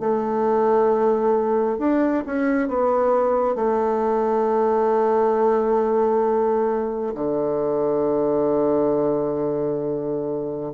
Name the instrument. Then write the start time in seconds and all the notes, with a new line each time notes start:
bassoon
0.00 A3
1.79 D4
2.26 C#4
2.69 B3
3.56 A3
7.15 D3